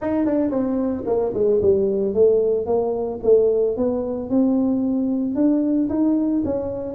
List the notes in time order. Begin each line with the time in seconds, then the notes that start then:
0.01 D#4
0.25 D4
0.50 C4
1.06 A#3
1.34 G#3
1.61 G3
2.14 A3
2.66 A#3
3.23 A3
3.76 B3
4.29 C4
5.35 D4
5.89 D#4
6.44 C#4